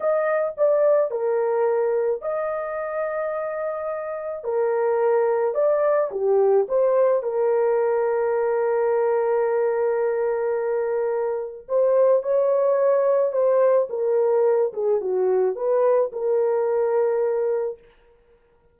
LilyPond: \new Staff \with { instrumentName = "horn" } { \time 4/4 \tempo 4 = 108 dis''4 d''4 ais'2 | dis''1 | ais'2 d''4 g'4 | c''4 ais'2.~ |
ais'1~ | ais'4 c''4 cis''2 | c''4 ais'4. gis'8 fis'4 | b'4 ais'2. | }